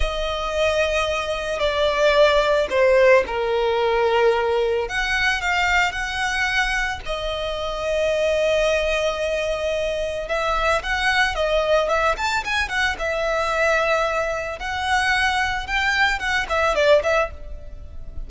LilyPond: \new Staff \with { instrumentName = "violin" } { \time 4/4 \tempo 4 = 111 dis''2. d''4~ | d''4 c''4 ais'2~ | ais'4 fis''4 f''4 fis''4~ | fis''4 dis''2.~ |
dis''2. e''4 | fis''4 dis''4 e''8 a''8 gis''8 fis''8 | e''2. fis''4~ | fis''4 g''4 fis''8 e''8 d''8 e''8 | }